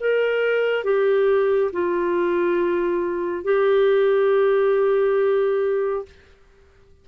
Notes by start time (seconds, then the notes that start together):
0.00 A#4
0.84 G4
1.72 F4
3.44 G4